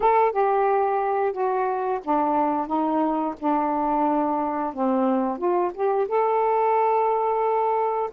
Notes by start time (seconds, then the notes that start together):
0.00 A4
0.32 G4
1.32 F#4
2.03 D4
2.67 D#4
3.39 D4
4.73 C4
5.37 F4
5.74 G4
6.07 A4